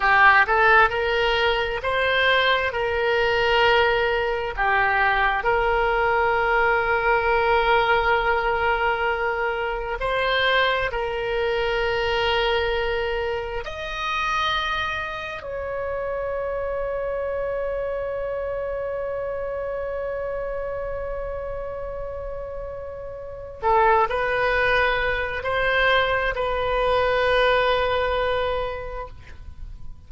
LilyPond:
\new Staff \with { instrumentName = "oboe" } { \time 4/4 \tempo 4 = 66 g'8 a'8 ais'4 c''4 ais'4~ | ais'4 g'4 ais'2~ | ais'2. c''4 | ais'2. dis''4~ |
dis''4 cis''2.~ | cis''1~ | cis''2 a'8 b'4. | c''4 b'2. | }